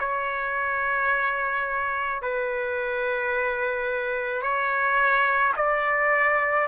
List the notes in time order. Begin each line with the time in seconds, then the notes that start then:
0.00 C#5
2.22 B4
4.42 C#5
5.57 D5